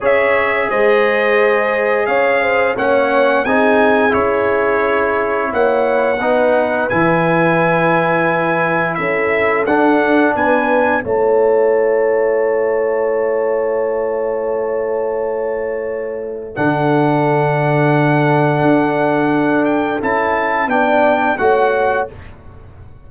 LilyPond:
<<
  \new Staff \with { instrumentName = "trumpet" } { \time 4/4 \tempo 4 = 87 e''4 dis''2 f''4 | fis''4 gis''4 cis''2 | fis''2 gis''2~ | gis''4 e''4 fis''4 gis''4 |
a''1~ | a''1 | fis''1~ | fis''8 g''8 a''4 g''4 fis''4 | }
  \new Staff \with { instrumentName = "horn" } { \time 4/4 cis''4 c''2 cis''8 c''8 | cis''4 gis'2. | cis''4 b'2.~ | b'4 a'2 b'4 |
cis''1~ | cis''1 | a'1~ | a'2 d''4 cis''4 | }
  \new Staff \with { instrumentName = "trombone" } { \time 4/4 gis'1 | cis'4 dis'4 e'2~ | e'4 dis'4 e'2~ | e'2 d'2 |
e'1~ | e'1 | d'1~ | d'4 e'4 d'4 fis'4 | }
  \new Staff \with { instrumentName = "tuba" } { \time 4/4 cis'4 gis2 cis'4 | ais4 c'4 cis'2 | ais4 b4 e2~ | e4 cis'4 d'4 b4 |
a1~ | a1 | d2. d'4~ | d'4 cis'4 b4 a4 | }
>>